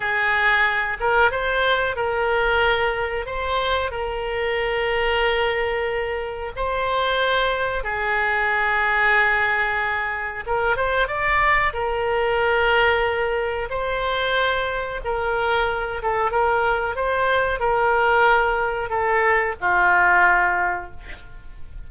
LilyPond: \new Staff \with { instrumentName = "oboe" } { \time 4/4 \tempo 4 = 92 gis'4. ais'8 c''4 ais'4~ | ais'4 c''4 ais'2~ | ais'2 c''2 | gis'1 |
ais'8 c''8 d''4 ais'2~ | ais'4 c''2 ais'4~ | ais'8 a'8 ais'4 c''4 ais'4~ | ais'4 a'4 f'2 | }